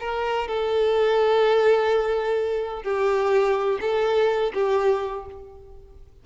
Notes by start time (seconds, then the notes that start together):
0.00 A#4
0.48 A4
2.83 G4
3.81 A4
4.54 G4